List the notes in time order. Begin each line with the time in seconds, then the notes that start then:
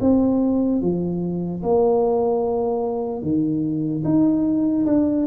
0.00 C4
0.81 F3
1.62 A#3
3.22 D#3
4.04 D#4
4.86 D4